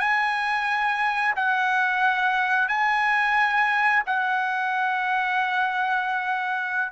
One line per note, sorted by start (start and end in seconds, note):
0.00 1.35 G#5
1.36 2.69 F#5
2.69 4.04 G#5
4.07 6.93 F#5